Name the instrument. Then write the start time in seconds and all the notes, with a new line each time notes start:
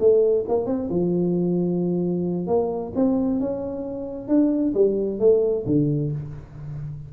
tuba
0.00 A3
0.48 A#3
0.66 C4
0.90 F3
2.47 A#3
2.96 C4
3.40 C#4
4.28 D4
4.75 G3
5.20 A3
5.67 D3